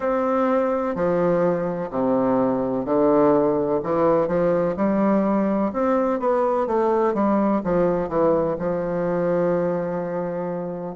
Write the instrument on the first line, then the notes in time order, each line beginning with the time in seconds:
bassoon
0.00 C4
0.95 F3
1.90 C3
2.85 D3
3.83 E3
4.27 F3
4.76 G3
5.72 C4
6.19 B3
6.67 A3
7.13 G3
7.64 F3
8.09 E3
8.58 F3